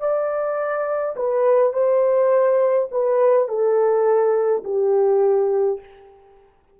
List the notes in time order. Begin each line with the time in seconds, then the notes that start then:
0.00 D5
1.16 B4
1.73 C5
2.92 B4
3.48 A4
4.64 G4